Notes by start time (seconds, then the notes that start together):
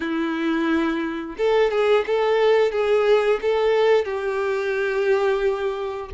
0.00 E4
1.37 A4
1.70 G#4
2.06 A4
2.71 G#4
3.41 A4
4.04 G4